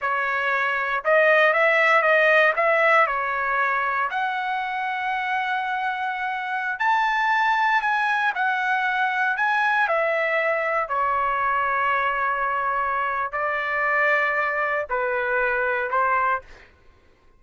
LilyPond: \new Staff \with { instrumentName = "trumpet" } { \time 4/4 \tempo 4 = 117 cis''2 dis''4 e''4 | dis''4 e''4 cis''2 | fis''1~ | fis''4~ fis''16 a''2 gis''8.~ |
gis''16 fis''2 gis''4 e''8.~ | e''4~ e''16 cis''2~ cis''8.~ | cis''2 d''2~ | d''4 b'2 c''4 | }